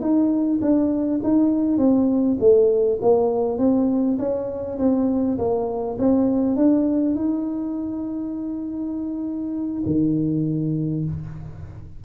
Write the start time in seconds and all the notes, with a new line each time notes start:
0.00 D#4
0.61 D4
1.23 D#4
1.77 C4
2.39 A3
3.01 A#3
3.58 C4
4.18 C#4
4.78 C4
5.38 A#3
5.98 C4
6.56 D4
7.15 D#4
9.85 D#3